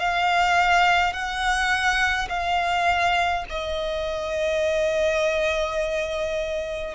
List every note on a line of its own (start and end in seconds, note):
0.00 1.13 F5
1.13 2.29 F#5
2.29 3.45 F5
3.50 6.95 D#5